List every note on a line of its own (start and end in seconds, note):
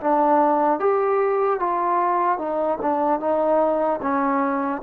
0.00 0.79 D4
0.79 1.59 G4
1.59 2.38 F4
2.38 2.78 D#4
2.81 3.20 D4
3.20 4.00 D#4
4.02 4.82 C#4